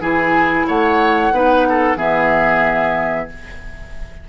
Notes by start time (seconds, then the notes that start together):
0.00 E3 E4 G#4 G#5
0.67 A3 C#5 F#5
1.32 B3 D#4 B4
1.69 A4
1.96 E3 B3 G#4 E5